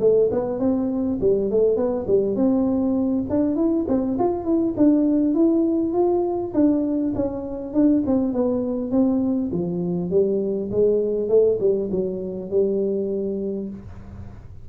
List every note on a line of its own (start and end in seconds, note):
0.00 0.30 A3
0.31 0.59 B3
0.59 1.19 C4
1.21 1.51 G3
1.51 1.76 A3
1.76 2.06 B3
2.07 2.35 G3
2.35 3.25 C4
3.29 3.56 D4
3.56 3.86 E4
3.88 4.18 C4
4.19 4.44 F4
4.44 4.74 E4
4.77 5.35 D4
5.35 5.94 E4
5.94 6.53 F4
6.54 7.13 D4
7.15 7.73 C#4
7.73 8.03 D4
8.06 8.33 C4
8.33 8.91 B3
8.91 9.51 C4
9.52 10.11 F3
10.11 10.70 G3
10.71 11.29 G#3
11.29 11.58 A3
11.60 11.90 G3
11.91 12.50 F#3
12.50 13.69 G3